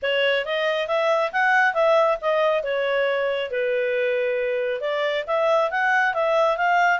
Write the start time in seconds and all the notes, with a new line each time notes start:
0.02 C#5
0.45 D#5
0.87 E5
1.32 F#5
1.74 E5
2.21 D#5
2.63 C#5
3.50 B4
4.81 D5
5.27 E5
5.70 F#5
6.14 E5
6.57 F5